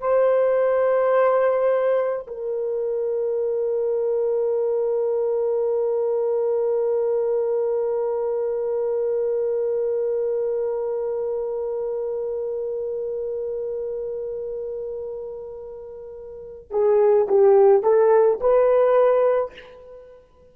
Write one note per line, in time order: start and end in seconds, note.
0.00 2.26 C5
2.27 16.70 A#4
16.70 17.27 G#4
17.28 17.83 G4
17.83 18.40 A4
18.40 19.53 B4